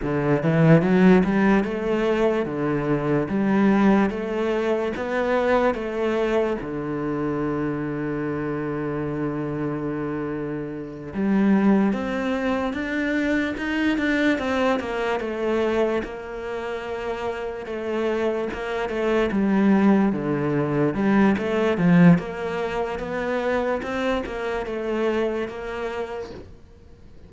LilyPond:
\new Staff \with { instrumentName = "cello" } { \time 4/4 \tempo 4 = 73 d8 e8 fis8 g8 a4 d4 | g4 a4 b4 a4 | d1~ | d4. g4 c'4 d'8~ |
d'8 dis'8 d'8 c'8 ais8 a4 ais8~ | ais4. a4 ais8 a8 g8~ | g8 d4 g8 a8 f8 ais4 | b4 c'8 ais8 a4 ais4 | }